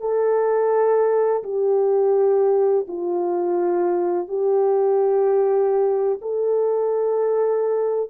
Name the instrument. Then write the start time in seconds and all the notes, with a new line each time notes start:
horn
0.00 A4
1.43 G4
2.88 F4
4.28 G4
6.22 A4